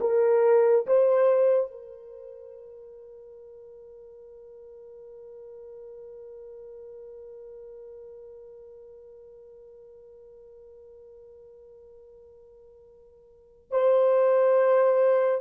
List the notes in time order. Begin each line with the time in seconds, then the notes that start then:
0.00 A#4
0.86 C5
1.71 A#4
13.71 C5